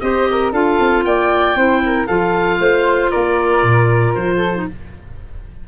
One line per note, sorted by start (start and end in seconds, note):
0.00 0.52 C4
0.00 0.53 G4
0.00 0.29 C5
0.00 0.52 D#5
0.30 0.52 A#4
0.52 0.78 D4
0.52 1.56 F4
0.52 1.04 A4
0.52 1.04 F5
0.79 1.04 C4
1.04 1.55 A#3
1.04 1.56 D5
1.04 2.07 G5
1.55 2.07 C4
1.55 2.08 E4
1.55 1.82 C5
1.85 2.07 A#4
2.07 2.59 F3
2.07 4.54 F4
2.07 2.59 A4
2.07 3.10 F5
2.59 3.11 A3
2.59 3.11 C5
3.10 3.62 A#3
3.10 4.36 A#4
3.10 4.14 D5
3.62 4.14 A#2
4.14 4.67 F3
4.14 4.66 C5
4.36 4.62 A4
4.54 4.67 D#4